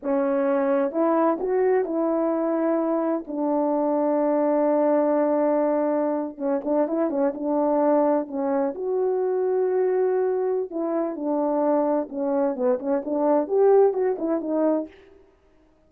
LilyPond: \new Staff \with { instrumentName = "horn" } { \time 4/4 \tempo 4 = 129 cis'2 e'4 fis'4 | e'2. d'4~ | d'1~ | d'4.~ d'16 cis'8 d'8 e'8 cis'8 d'16~ |
d'4.~ d'16 cis'4 fis'4~ fis'16~ | fis'2. e'4 | d'2 cis'4 b8 cis'8 | d'4 g'4 fis'8 e'8 dis'4 | }